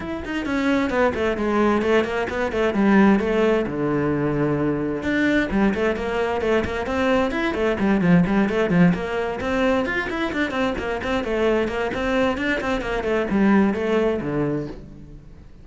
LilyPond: \new Staff \with { instrumentName = "cello" } { \time 4/4 \tempo 4 = 131 e'8 dis'8 cis'4 b8 a8 gis4 | a8 ais8 b8 a8 g4 a4 | d2. d'4 | g8 a8 ais4 a8 ais8 c'4 |
e'8 a8 g8 f8 g8 a8 f8 ais8~ | ais8 c'4 f'8 e'8 d'8 c'8 ais8 | c'8 a4 ais8 c'4 d'8 c'8 | ais8 a8 g4 a4 d4 | }